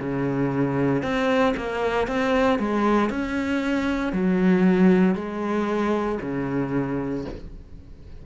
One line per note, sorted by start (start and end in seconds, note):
0.00 1.03 C#3
1.03 1.55 C4
1.57 2.08 A#3
2.08 2.59 C4
2.59 3.10 G#3
3.10 4.13 C#4
4.13 5.15 F#3
5.15 6.19 G#3
6.22 7.26 C#3